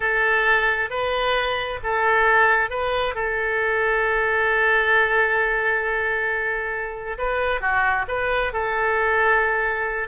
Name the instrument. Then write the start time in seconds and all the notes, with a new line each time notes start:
oboe
0.00 A4
0.90 B4
1.83 A4
2.69 B4
3.14 A4
7.17 B4
7.60 F#4
8.08 B4
8.52 A4